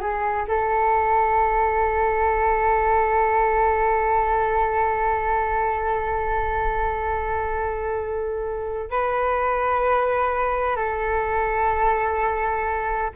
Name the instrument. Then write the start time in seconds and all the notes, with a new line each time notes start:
flute
0.00 G#4
0.48 A4
8.90 B4
10.76 A4